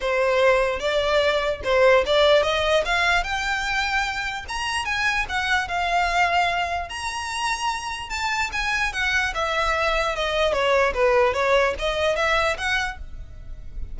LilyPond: \new Staff \with { instrumentName = "violin" } { \time 4/4 \tempo 4 = 148 c''2 d''2 | c''4 d''4 dis''4 f''4 | g''2. ais''4 | gis''4 fis''4 f''2~ |
f''4 ais''2. | a''4 gis''4 fis''4 e''4~ | e''4 dis''4 cis''4 b'4 | cis''4 dis''4 e''4 fis''4 | }